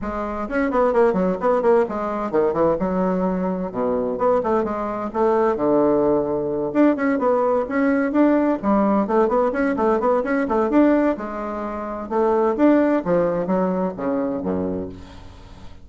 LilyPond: \new Staff \with { instrumentName = "bassoon" } { \time 4/4 \tempo 4 = 129 gis4 cis'8 b8 ais8 fis8 b8 ais8 | gis4 dis8 e8 fis2 | b,4 b8 a8 gis4 a4 | d2~ d8 d'8 cis'8 b8~ |
b8 cis'4 d'4 g4 a8 | b8 cis'8 a8 b8 cis'8 a8 d'4 | gis2 a4 d'4 | f4 fis4 cis4 fis,4 | }